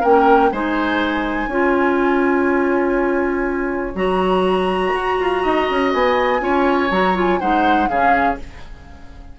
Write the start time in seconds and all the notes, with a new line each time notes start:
0.00 A#3 C#4 A#4 G5
0.51 G#3 D#4 C5 G#5
1.47 C#4 F4 C#5
3.94 F#3 F#4 A#5
4.93 F#4
5.19 F4
5.42 D#4 D#5
5.70 C#4
5.93 B3 G#5
6.40 C#4 F4 C#5
6.90 F#3 F#4 A#5
7.15 F4 G#5
7.39 G#3 D#4 C5 F#5
7.88 C#3 C#4 G#4 F5